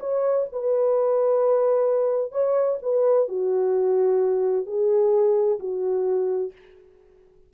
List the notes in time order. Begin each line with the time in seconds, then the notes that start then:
0.00 C#5
0.52 B4
2.32 C#5
2.82 B4
3.29 F#4
4.66 G#4
5.59 F#4